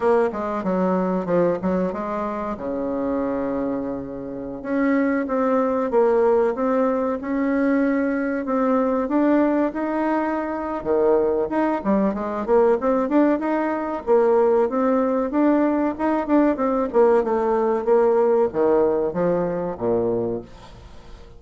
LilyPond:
\new Staff \with { instrumentName = "bassoon" } { \time 4/4 \tempo 4 = 94 ais8 gis8 fis4 f8 fis8 gis4 | cis2.~ cis16 cis'8.~ | cis'16 c'4 ais4 c'4 cis'8.~ | cis'4~ cis'16 c'4 d'4 dis'8.~ |
dis'4 dis4 dis'8 g8 gis8 ais8 | c'8 d'8 dis'4 ais4 c'4 | d'4 dis'8 d'8 c'8 ais8 a4 | ais4 dis4 f4 ais,4 | }